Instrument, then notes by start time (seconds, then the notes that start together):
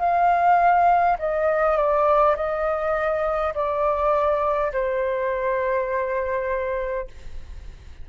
flute
0.00 F5
1.19 D#5
1.77 D5
2.36 D#5
3.55 D5
4.73 C5